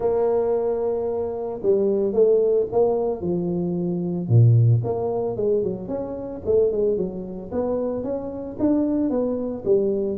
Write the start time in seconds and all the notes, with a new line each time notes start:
0.00 A#3
1.62 G3
2.12 A3
2.72 A#3
3.21 F3
4.28 A#2
4.84 A#3
5.36 G#3
5.63 F#3
5.88 C#4
6.45 A3
6.71 G#3
6.97 F#3
7.51 B3
8.03 C#4
8.59 D4
9.09 B3
9.64 G3